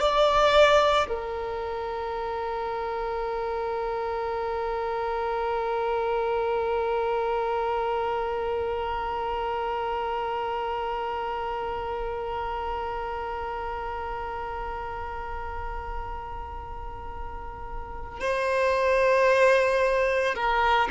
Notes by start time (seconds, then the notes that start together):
0.00 D5
1.08 A#4
18.20 C5
20.34 A#4